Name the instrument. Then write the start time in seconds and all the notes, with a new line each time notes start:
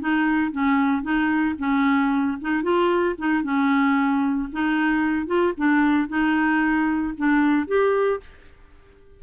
clarinet
0.00 D#4
0.52 C#4
1.02 D#4
1.59 C#4
2.41 D#4
2.63 F4
3.18 D#4
3.43 C#4
4.53 D#4
5.27 F4
5.57 D4
6.08 D#4
7.17 D4
7.67 G4